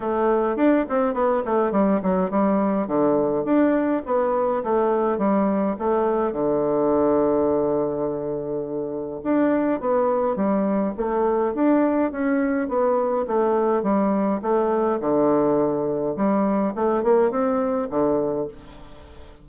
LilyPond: \new Staff \with { instrumentName = "bassoon" } { \time 4/4 \tempo 4 = 104 a4 d'8 c'8 b8 a8 g8 fis8 | g4 d4 d'4 b4 | a4 g4 a4 d4~ | d1 |
d'4 b4 g4 a4 | d'4 cis'4 b4 a4 | g4 a4 d2 | g4 a8 ais8 c'4 d4 | }